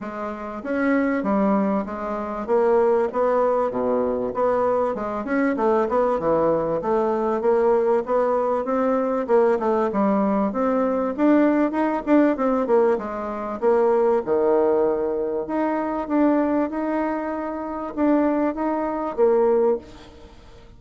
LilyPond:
\new Staff \with { instrumentName = "bassoon" } { \time 4/4 \tempo 4 = 97 gis4 cis'4 g4 gis4 | ais4 b4 b,4 b4 | gis8 cis'8 a8 b8 e4 a4 | ais4 b4 c'4 ais8 a8 |
g4 c'4 d'4 dis'8 d'8 | c'8 ais8 gis4 ais4 dis4~ | dis4 dis'4 d'4 dis'4~ | dis'4 d'4 dis'4 ais4 | }